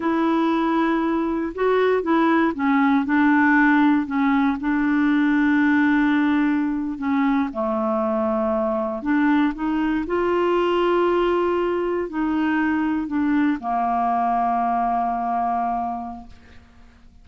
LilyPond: \new Staff \with { instrumentName = "clarinet" } { \time 4/4 \tempo 4 = 118 e'2. fis'4 | e'4 cis'4 d'2 | cis'4 d'2.~ | d'4.~ d'16 cis'4 a4~ a16~ |
a4.~ a16 d'4 dis'4 f'16~ | f'2.~ f'8. dis'16~ | dis'4.~ dis'16 d'4 ais4~ ais16~ | ais1 | }